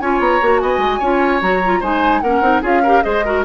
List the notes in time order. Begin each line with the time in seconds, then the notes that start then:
0.00 C#4 F4 C#5 G#5
0.20 B3 A#5
0.42 A#3 F#4
0.60 B3 D#5 G#5
0.78 G#3
1.00 C#4 F4 C#5
1.42 F#3 F#4 A#5
1.66 F4
1.80 G#3 D#4 C5 G#5
2.21 A#3 C#4 A#4 F#5
2.41 C4 D#4
2.62 C#4 F4 G#4 F5
2.83 G4 A#4
3.03 G#3 G#4 C5 D#5
3.25 F#4 A#4